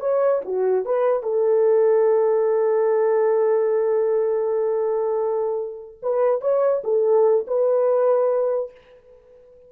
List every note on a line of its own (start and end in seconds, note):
0.00 0.41 C#5
0.45 0.85 F#4
0.85 1.22 B4
1.22 5.98 A4
6.02 6.41 B4
6.41 6.82 C#5
6.84 7.46 A4
7.47 8.71 B4